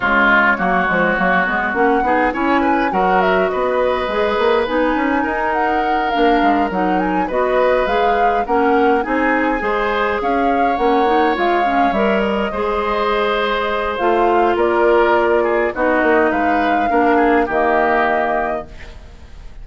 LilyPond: <<
  \new Staff \with { instrumentName = "flute" } { \time 4/4 \tempo 4 = 103 cis''2. fis''4 | gis''4 fis''8 e''8 dis''2 | gis''4. fis''4 f''4 fis''8 | gis''8 dis''4 f''4 fis''4 gis''8~ |
gis''4. f''4 fis''4 f''8~ | f''8 e''8 dis''2. | f''4 d''2 dis''4 | f''2 dis''2 | }
  \new Staff \with { instrumentName = "oboe" } { \time 4/4 f'4 fis'2~ fis'8 gis'8 | cis''8 b'8 ais'4 b'2~ | b'4 ais'2.~ | ais'8 b'2 ais'4 gis'8~ |
gis'8 c''4 cis''2~ cis''8~ | cis''4. c''2~ c''8~ | c''4 ais'4. gis'8 fis'4 | b'4 ais'8 gis'8 g'2 | }
  \new Staff \with { instrumentName = "clarinet" } { \time 4/4 gis4 ais8 gis8 ais8 b8 cis'8 dis'8 | e'4 fis'2 gis'4 | dis'2~ dis'8 d'4 dis'8~ | dis'8 fis'4 gis'4 cis'4 dis'8~ |
dis'8 gis'2 cis'8 dis'8 f'8 | cis'8 ais'4 gis'2~ gis'8 | f'2. dis'4~ | dis'4 d'4 ais2 | }
  \new Staff \with { instrumentName = "bassoon" } { \time 4/4 cis4 fis8 f8 fis8 gis8 ais8 b8 | cis'4 fis4 b4 gis8 ais8 | b8 cis'8 dis'4. ais8 gis8 fis8~ | fis8 b4 gis4 ais4 c'8~ |
c'8 gis4 cis'4 ais4 gis8~ | gis8 g4 gis2~ gis8 | a4 ais2 b8 ais8 | gis4 ais4 dis2 | }
>>